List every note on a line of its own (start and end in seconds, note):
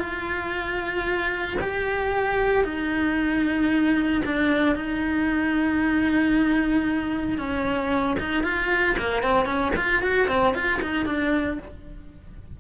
0.00 1.58 F4
1.61 2.65 G4
2.65 4.22 D#4
4.25 4.76 D4
4.76 7.38 D#4
7.38 8.17 C#4
8.20 8.44 D#4
8.44 8.97 F4
8.99 9.23 A#3
9.23 9.46 C4
9.46 9.72 C#4
9.77 10.03 F4
10.03 10.28 F#4
10.28 10.55 C4
10.55 10.81 F4
10.82 11.06 D#4
11.06 11.59 D4